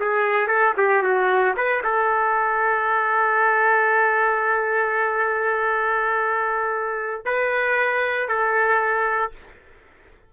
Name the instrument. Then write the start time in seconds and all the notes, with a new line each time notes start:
trumpet
0.00 G#4
0.48 A4
0.77 G4
1.03 F#4
1.57 B4
1.84 A4
7.25 B4
8.29 A4